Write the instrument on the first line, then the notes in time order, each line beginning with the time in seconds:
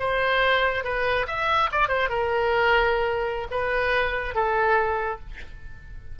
oboe
0.00 C5
0.84 B4
1.28 E5
1.72 D5
1.89 C5
2.10 A#4
3.51 B4
4.35 A4